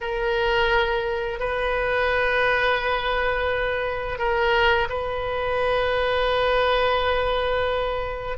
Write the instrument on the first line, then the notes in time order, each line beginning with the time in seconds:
oboe
0.01 A#4
1.40 B4
4.18 A#4
4.89 B4